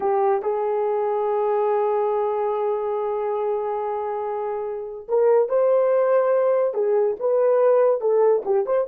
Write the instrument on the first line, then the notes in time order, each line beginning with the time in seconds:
horn
0.00 G4
0.42 G#4
5.08 A#4
5.48 C5
6.74 G#4
7.19 B4
8.01 A4
8.45 G4
8.66 C5